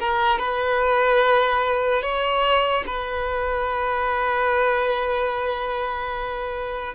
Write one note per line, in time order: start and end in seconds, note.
0.00 0.39 A#4
0.39 2.02 B4
2.02 2.85 C#5
2.87 6.95 B4